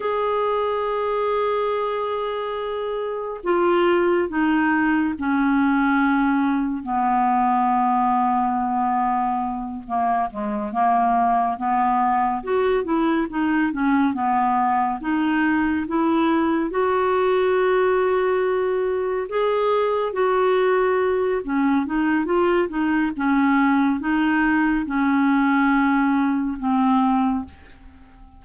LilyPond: \new Staff \with { instrumentName = "clarinet" } { \time 4/4 \tempo 4 = 70 gis'1 | f'4 dis'4 cis'2 | b2.~ b8 ais8 | gis8 ais4 b4 fis'8 e'8 dis'8 |
cis'8 b4 dis'4 e'4 fis'8~ | fis'2~ fis'8 gis'4 fis'8~ | fis'4 cis'8 dis'8 f'8 dis'8 cis'4 | dis'4 cis'2 c'4 | }